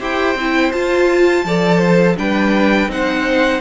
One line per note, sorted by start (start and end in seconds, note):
0.00 0.36 E4
0.00 0.36 G4
0.00 1.45 C5
0.00 0.72 G5
0.36 0.72 C4
0.36 0.73 E4
0.72 1.45 F4
0.72 1.46 F4
0.72 2.17 A5
1.45 2.17 F3
1.45 2.17 A4
1.45 1.79 D5
1.79 2.15 C5
2.17 2.88 G3
2.17 2.89 D4
2.17 2.92 B4
2.17 2.91 G5
2.88 3.60 C4
2.88 3.61 D#4
2.88 3.62 C5
2.88 3.62 F#5